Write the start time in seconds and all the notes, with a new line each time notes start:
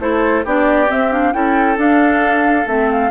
0.00 A3 E4 A4 C5
0.45 B3 D4 G4 D5
0.88 C4 E5
1.11 D4 F5
1.33 C#4 E4 A4 G5
1.77 D4 F5
2.67 A3 C4 E5
2.91 F5